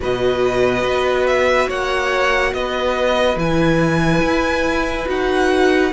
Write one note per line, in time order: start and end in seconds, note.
0.00 0.82 B2
0.00 3.37 F#4
0.00 1.68 B4
0.00 1.27 D#5
0.82 1.67 B3
1.27 1.69 E5
1.68 2.53 A#3
1.68 2.53 C#5
1.68 2.53 F#5
2.53 3.36 B3
2.53 5.92 B4
2.53 3.38 D#5
3.36 4.20 E3
3.36 5.06 E4
3.36 5.08 G#5
4.22 5.06 E4
5.06 5.92 D#4
5.06 5.90 F#4
5.06 5.92 F#5